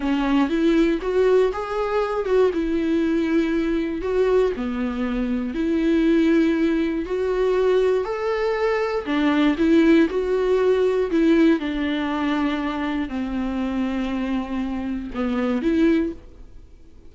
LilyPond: \new Staff \with { instrumentName = "viola" } { \time 4/4 \tempo 4 = 119 cis'4 e'4 fis'4 gis'4~ | gis'8 fis'8 e'2. | fis'4 b2 e'4~ | e'2 fis'2 |
a'2 d'4 e'4 | fis'2 e'4 d'4~ | d'2 c'2~ | c'2 b4 e'4 | }